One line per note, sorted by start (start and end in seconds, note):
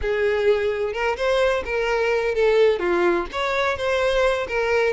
0.01 0.93 G#4
0.93 1.16 A#4
1.16 1.63 C5
1.65 2.34 A#4
2.34 2.79 A4
2.79 3.26 F4
3.32 3.77 C#5
3.77 4.47 C5
4.48 4.93 A#4